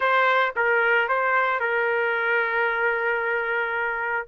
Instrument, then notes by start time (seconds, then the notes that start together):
trumpet
0.00 C5
0.56 A#4
1.08 C5
1.59 A#4